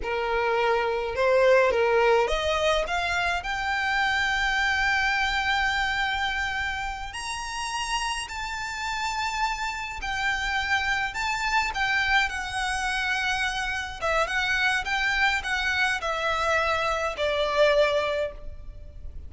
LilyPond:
\new Staff \with { instrumentName = "violin" } { \time 4/4 \tempo 4 = 105 ais'2 c''4 ais'4 | dis''4 f''4 g''2~ | g''1~ | g''8 ais''2 a''4.~ |
a''4. g''2 a''8~ | a''8 g''4 fis''2~ fis''8~ | fis''8 e''8 fis''4 g''4 fis''4 | e''2 d''2 | }